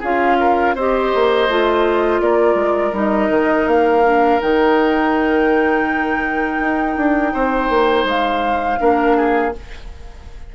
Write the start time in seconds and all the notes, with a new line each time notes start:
0.00 C#4 F4 G#4 F5
0.40 A#4
0.75 C4 G4 C5 D#5
1.15 A#3
1.48 A3 F4
2.21 A#3 A#4 D5
2.55 G#3
2.93 G3 D#4 D#5
3.30 D#3
3.67 A#3 F5
4.04 D4
4.41 D#3 D#4 G5
6.60 D#4
6.96 D4
7.33 C4 C5
7.70 A#3
8.04 G#3 F5
8.79 A#3 D4 A#4
9.16 G#4